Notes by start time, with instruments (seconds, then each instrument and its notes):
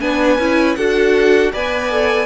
0.00 cello B3, viola D4, violin B4 G#5
0.38 cello C#4, viola E4
0.75 cello D4, viola F#4, violin A4 F#5
1.52 cello B3, viola B4, violin D5 G#5
1.90 viola A4